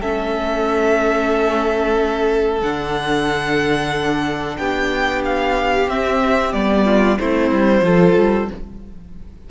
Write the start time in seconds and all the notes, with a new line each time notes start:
0.00 A3 C#4 A4 E5
2.61 D3 D4 F#5
4.57 B3 G4 G5
5.25 F5
5.87 C4 E5
6.53 G3 B3 D5
6.85 F4
7.19 A3 C4 E4 C5
7.51 G3
7.81 F3 F4 A4
8.18 G3